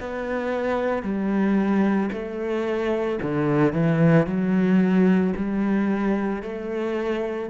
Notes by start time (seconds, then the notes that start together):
0.00 B3
1.03 G3
2.12 A3
3.22 D3
3.73 E3
4.26 F#3
5.36 G3
6.42 A3